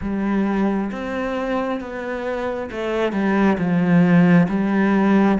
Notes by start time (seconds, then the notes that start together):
0.01 G3
0.91 C4
1.80 B3
2.71 A3
3.12 G3
3.57 F3
4.49 G3